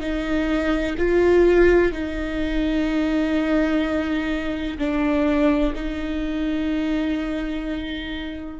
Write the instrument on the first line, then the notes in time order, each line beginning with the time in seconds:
viola
0.00 D#4
0.97 F4
1.92 D#4
4.78 D4
5.75 D#4